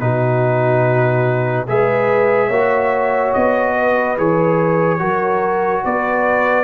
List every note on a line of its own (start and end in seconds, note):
0.00 1.68 B2
0.00 1.67 D#4
0.00 1.68 F#4
0.00 1.67 B4
1.68 2.49 G#3
1.68 2.51 G#4
1.68 2.48 B4
1.68 3.34 E5
2.48 3.32 A#3
2.48 4.18 F#4
2.48 3.73 C#5
3.34 4.18 B3
3.34 4.17 D#5
3.75 5.00 B4
4.18 5.01 E3
4.18 4.99 G#4
4.18 5.85 C#5
4.99 5.84 F#3
4.99 6.64 F#4
4.99 5.83 A#4
5.84 6.64 B3
5.84 6.64 B4
5.84 6.64 D5